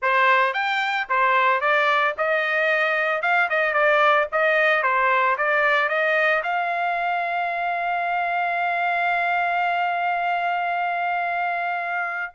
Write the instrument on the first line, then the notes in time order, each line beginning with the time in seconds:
trumpet
0.02 C5
0.53 G5
1.09 C5
1.60 D5
2.17 D#5
3.22 F5
3.49 D#5
3.73 D5
4.31 D#5
4.82 C5
5.37 D5
5.89 D#5
6.43 F5